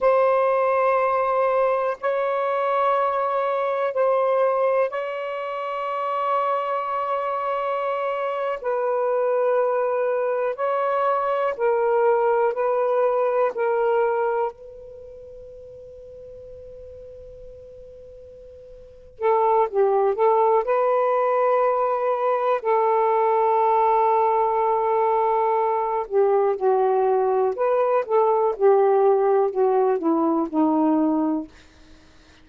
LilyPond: \new Staff \with { instrumentName = "saxophone" } { \time 4/4 \tempo 4 = 61 c''2 cis''2 | c''4 cis''2.~ | cis''8. b'2 cis''4 ais'16~ | ais'8. b'4 ais'4 b'4~ b'16~ |
b'2.~ b'8 a'8 | g'8 a'8 b'2 a'4~ | a'2~ a'8 g'8 fis'4 | b'8 a'8 g'4 fis'8 e'8 dis'4 | }